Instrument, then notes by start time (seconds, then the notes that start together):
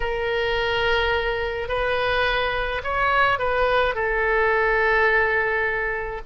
oboe
0.00 A#4
1.68 B4
2.83 C#5
3.39 B4
3.95 A4